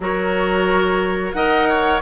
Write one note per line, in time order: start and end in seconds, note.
0.00 1.34 F#3
0.00 1.35 F#4
0.00 1.36 A#4
0.00 1.33 C#5
1.33 2.01 D#4
1.33 2.02 A#4
1.33 1.68 D#5
1.33 2.00 F#5
1.68 2.02 C#5